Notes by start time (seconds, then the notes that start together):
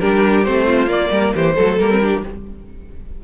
0.00 G3 D4 G4 A#4
0.44 A3 C4 C5
0.67 F4
0.87 A#3 D5
1.11 G3 A#4
1.35 E3 G4 C5
1.56 F#3 A3 A4
1.79 G3 A#3 A#4
1.91 C4
2.01 D4 G4